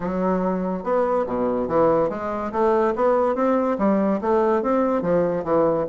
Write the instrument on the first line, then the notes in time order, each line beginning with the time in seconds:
bassoon
0.00 F#3
0.83 B3
1.26 B2
1.67 E3
2.09 G#3
2.52 A3
2.95 B3
3.35 C4
3.78 G3
4.21 A3
4.62 C4
5.02 F3
5.44 E3